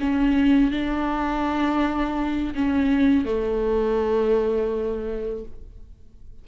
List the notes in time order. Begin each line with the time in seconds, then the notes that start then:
0.00 C#4
0.71 D4
2.55 C#4
3.25 A3